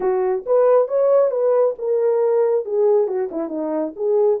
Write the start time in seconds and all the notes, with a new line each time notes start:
0.00 F#4
0.46 B4
0.88 C#5
1.30 B4
1.78 A#4
2.65 G#4
3.07 F#4
3.31 E4
3.48 D#4
3.95 G#4